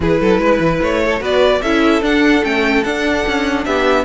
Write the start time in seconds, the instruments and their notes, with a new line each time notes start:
0.00 cello E3, viola E4, violin G#4 B4
0.20 cello F#3, violin A4
0.38 cello G#3, violin B4
0.59 cello E3
0.81 cello A3, violin C#5
1.03 violin A4
1.20 cello B3, viola F#4, violin B4 D5
1.62 cello C#4, viola E4, violin A4 E5
2.01 cello D4, viola D4, violin F#5
2.42 cello A3, viola C#4, violin G5
2.83 cello D4, viola D4, violin F#5
3.27 cello C#4
3.65 cello B3, violin G4 E5